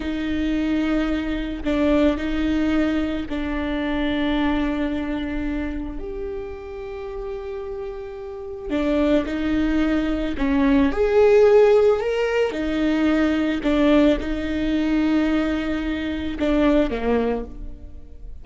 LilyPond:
\new Staff \with { instrumentName = "viola" } { \time 4/4 \tempo 4 = 110 dis'2. d'4 | dis'2 d'2~ | d'2. g'4~ | g'1 |
d'4 dis'2 cis'4 | gis'2 ais'4 dis'4~ | dis'4 d'4 dis'2~ | dis'2 d'4 ais4 | }